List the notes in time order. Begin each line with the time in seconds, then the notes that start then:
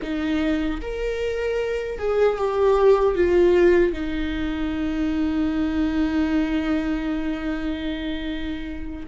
0.01 D#4
0.81 A#4
1.98 G#4
2.37 G4
3.15 F4
3.93 D#4